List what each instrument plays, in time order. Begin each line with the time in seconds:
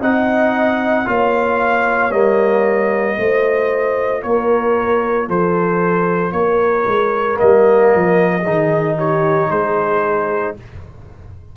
0.00 tuba C4, trombone D#4, horn D#5, trumpet F#5
1.05 tuba A#3, trombone F4, horn C#5, trumpet F5
2.10 tuba G3, trombone A#3, trumpet D#5
3.18 tuba A3, trombone F4, horn C5
4.23 tuba A#3, horn A#4, trumpet C#5
5.27 tuba F3, horn A4, trumpet C5
6.32 tuba A#3, horn A#4, trumpet C#5
6.87 tuba G#3
7.34 trombone A#3, trumpet D#5
7.42 tuba G3
7.95 tuba F3
8.43 tuba D#3, trombone D#4, horn G#4
8.97 horn G4, trumpet C#5
9.50 tuba G#3, horn G#4, trumpet C5